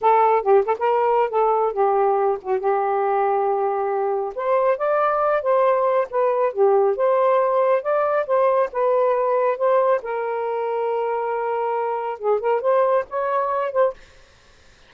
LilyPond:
\new Staff \with { instrumentName = "saxophone" } { \time 4/4 \tempo 4 = 138 a'4 g'8 a'16 ais'4~ ais'16 a'4 | g'4. fis'8 g'2~ | g'2 c''4 d''4~ | d''8 c''4. b'4 g'4 |
c''2 d''4 c''4 | b'2 c''4 ais'4~ | ais'1 | gis'8 ais'8 c''4 cis''4. c''8 | }